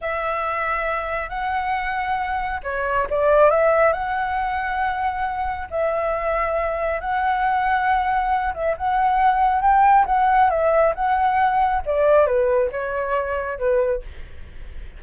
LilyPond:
\new Staff \with { instrumentName = "flute" } { \time 4/4 \tempo 4 = 137 e''2. fis''4~ | fis''2 cis''4 d''4 | e''4 fis''2.~ | fis''4 e''2. |
fis''2.~ fis''8 e''8 | fis''2 g''4 fis''4 | e''4 fis''2 d''4 | b'4 cis''2 b'4 | }